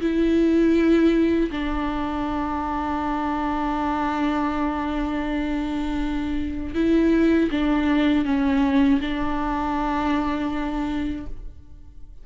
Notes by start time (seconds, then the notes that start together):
0.00 E4
1.51 D4
6.74 E4
7.51 D4
8.25 C#4
9.01 D4